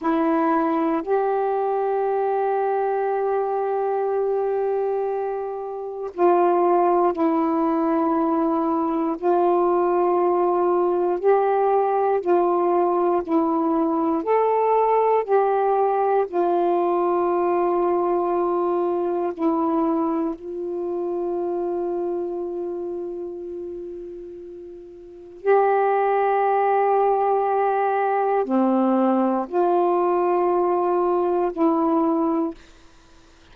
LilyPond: \new Staff \with { instrumentName = "saxophone" } { \time 4/4 \tempo 4 = 59 e'4 g'2.~ | g'2 f'4 e'4~ | e'4 f'2 g'4 | f'4 e'4 a'4 g'4 |
f'2. e'4 | f'1~ | f'4 g'2. | c'4 f'2 e'4 | }